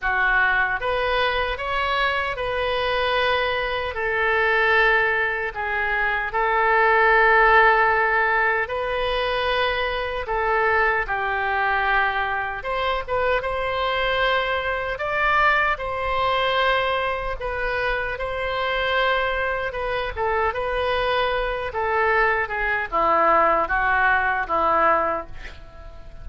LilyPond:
\new Staff \with { instrumentName = "oboe" } { \time 4/4 \tempo 4 = 76 fis'4 b'4 cis''4 b'4~ | b'4 a'2 gis'4 | a'2. b'4~ | b'4 a'4 g'2 |
c''8 b'8 c''2 d''4 | c''2 b'4 c''4~ | c''4 b'8 a'8 b'4. a'8~ | a'8 gis'8 e'4 fis'4 e'4 | }